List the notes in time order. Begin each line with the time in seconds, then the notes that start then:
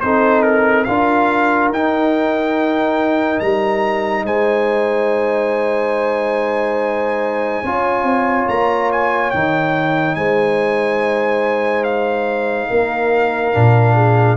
0.00 C4 D#4 A4 C5
0.42 A#4
0.84 D4 F4 A#4 F5
1.70 D#4 G5
3.40 G3 A#5
4.24 G#3 C5 G#5
7.63 C#4 F4 C#5
8.03 C4
8.48 A#3 A#5
8.92 G#5
9.31 D#3 D#4 G5
10.15 G#3 C5 G#5
11.84 F5
12.70 A#3 A#4
13.53 A#2 D4
13.94 G#4